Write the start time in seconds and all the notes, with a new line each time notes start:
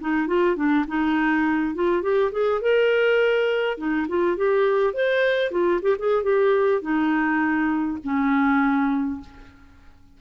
0.00 D#4
0.27 F4
0.56 D4
0.87 D#4
1.75 F4
2.02 G4
2.32 G#4
2.61 A#4
3.77 D#4
4.08 F4
4.36 G4
4.94 C5
5.51 F4
5.82 G4
5.99 G#4
6.23 G4
6.81 D#4
8.04 C#4